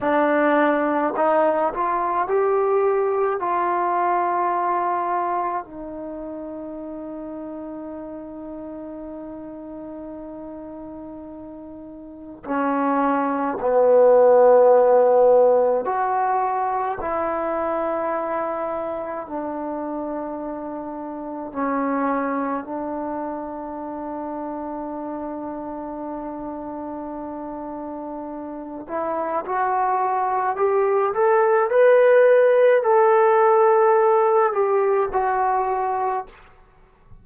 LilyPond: \new Staff \with { instrumentName = "trombone" } { \time 4/4 \tempo 4 = 53 d'4 dis'8 f'8 g'4 f'4~ | f'4 dis'2.~ | dis'2. cis'4 | b2 fis'4 e'4~ |
e'4 d'2 cis'4 | d'1~ | d'4. e'8 fis'4 g'8 a'8 | b'4 a'4. g'8 fis'4 | }